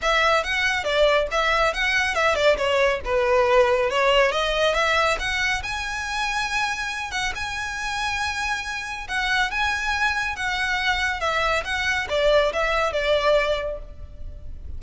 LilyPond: \new Staff \with { instrumentName = "violin" } { \time 4/4 \tempo 4 = 139 e''4 fis''4 d''4 e''4 | fis''4 e''8 d''8 cis''4 b'4~ | b'4 cis''4 dis''4 e''4 | fis''4 gis''2.~ |
gis''8 fis''8 gis''2.~ | gis''4 fis''4 gis''2 | fis''2 e''4 fis''4 | d''4 e''4 d''2 | }